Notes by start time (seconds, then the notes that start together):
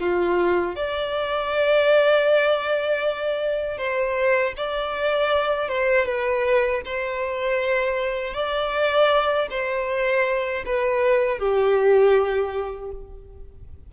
0.00 F4
0.76 D5
3.77 C5
4.57 D5
5.68 C5
6.06 B4
6.85 C5
8.34 D5
9.50 C5
10.65 B4
11.39 G4